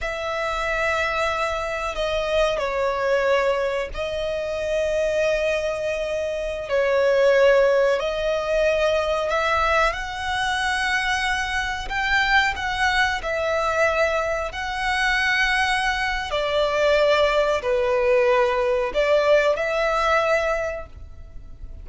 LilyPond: \new Staff \with { instrumentName = "violin" } { \time 4/4 \tempo 4 = 92 e''2. dis''4 | cis''2 dis''2~ | dis''2~ dis''16 cis''4.~ cis''16~ | cis''16 dis''2 e''4 fis''8.~ |
fis''2~ fis''16 g''4 fis''8.~ | fis''16 e''2 fis''4.~ fis''16~ | fis''4 d''2 b'4~ | b'4 d''4 e''2 | }